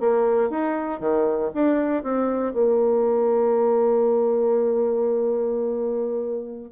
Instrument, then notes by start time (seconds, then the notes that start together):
bassoon
0.00 A#3
0.50 D#4
1.00 D#3
1.54 D4
2.03 C4
2.53 A#3